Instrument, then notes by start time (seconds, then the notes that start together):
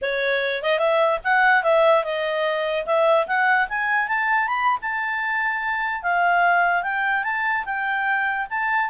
clarinet
0.01 C#5
0.62 D#5
0.78 E5
1.24 F#5
1.63 E5
2.03 D#5
2.86 E5
3.27 F#5
3.68 G#5
4.08 A5
4.47 B5
4.81 A5
6.02 F5
6.82 G5
7.23 A5
7.65 G5
8.50 A5